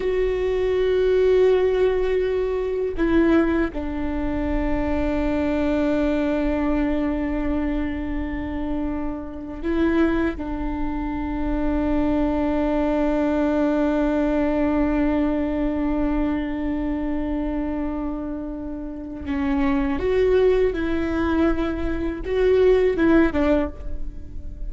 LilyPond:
\new Staff \with { instrumentName = "viola" } { \time 4/4 \tempo 4 = 81 fis'1 | e'4 d'2.~ | d'1~ | d'4 e'4 d'2~ |
d'1~ | d'1~ | d'2 cis'4 fis'4 | e'2 fis'4 e'8 d'8 | }